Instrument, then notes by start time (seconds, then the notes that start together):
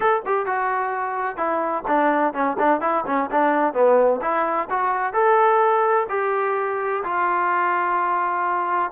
trombone
0.00 A4
0.25 G4
0.46 F#4
1.36 E4
1.87 D4
2.33 C#4
2.59 D4
2.80 E4
3.06 C#4
3.31 D4
3.73 B3
4.21 E4
4.69 F#4
5.13 A4
6.09 G4
7.03 F4